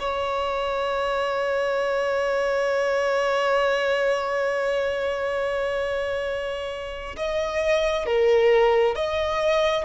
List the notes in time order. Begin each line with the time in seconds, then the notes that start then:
0.00 C#5
7.16 D#5
8.06 A#4
8.96 D#5